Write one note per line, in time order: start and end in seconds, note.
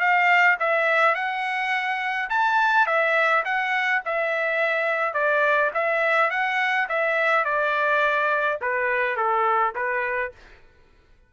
0.00 0.57 F5
0.59 1.15 E5
1.15 2.29 F#5
2.30 2.86 A5
2.86 3.44 E5
3.45 4.02 F#5
4.05 5.14 E5
5.14 5.71 D5
5.74 6.30 E5
6.30 6.88 F#5
6.89 7.45 E5
7.45 8.59 D5
8.61 9.16 B4
9.16 9.74 A4
9.75 10.32 B4